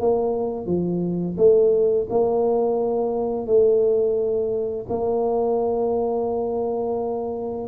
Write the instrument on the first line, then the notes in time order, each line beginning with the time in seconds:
tuba
0.00 A#3
0.66 F3
1.37 A3
2.09 A#3
3.46 A3
4.89 A#3